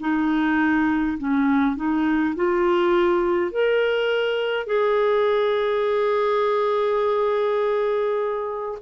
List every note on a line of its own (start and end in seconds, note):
0.00 1.18 D#4
1.18 1.76 C#4
1.76 2.35 D#4
2.36 3.51 F4
3.51 4.66 A#4
4.66 8.78 G#4